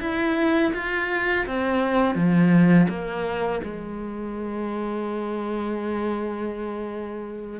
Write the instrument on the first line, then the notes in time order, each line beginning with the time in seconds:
cello
0.00 E4
0.74 F4
1.46 C4
2.15 F3
2.89 A#3
3.63 G#3